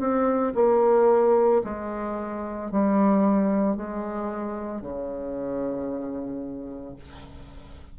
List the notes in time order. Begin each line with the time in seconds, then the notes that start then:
0.00 C4
0.55 A#3
1.65 G#3
2.72 G3
3.77 G#3
4.82 C#3